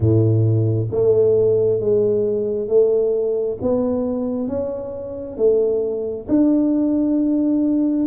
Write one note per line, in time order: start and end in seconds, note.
0.00 0.88 A2
0.91 1.80 A3
1.80 2.68 G#3
2.68 3.57 A3
3.61 4.48 B3
4.48 5.37 C#4
5.37 6.26 A3
6.28 8.06 D4